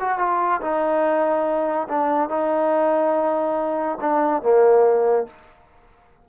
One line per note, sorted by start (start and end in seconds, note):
0.00 0.19 F#4
0.19 0.61 F4
0.61 1.88 D#4
1.89 2.29 D4
2.29 3.98 D#4
4.01 4.42 D4
4.42 5.27 A#3